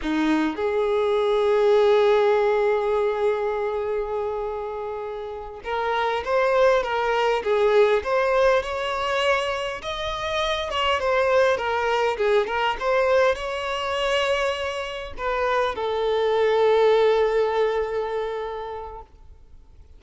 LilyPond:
\new Staff \with { instrumentName = "violin" } { \time 4/4 \tempo 4 = 101 dis'4 gis'2.~ | gis'1~ | gis'4. ais'4 c''4 ais'8~ | ais'8 gis'4 c''4 cis''4.~ |
cis''8 dis''4. cis''8 c''4 ais'8~ | ais'8 gis'8 ais'8 c''4 cis''4.~ | cis''4. b'4 a'4.~ | a'1 | }